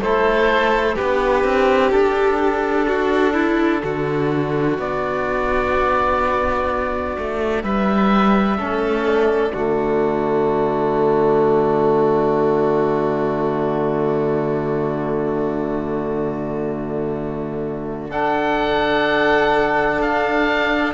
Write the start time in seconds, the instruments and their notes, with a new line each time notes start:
0.00 cello A3, trombone E4, violin A4, oboe C5
0.95 cello B3, trombone D4, violin G4, oboe B4
1.44 cello C4
1.91 cello D4, oboe A4
2.87 violin F#4
3.33 violin E4
3.83 cello D3, violin F#4
4.78 cello B3, oboe D5
7.17 cello A3
7.63 cello G3, violin B4, oboe E5
8.57 cello A3, trombone C#4, violin A4
9.06 oboe D5
9.53 cello D3, trombone A3, violin F#4
18.10 trombone D4, violin A4, oboe F#5
19.99 cello D4, oboe F5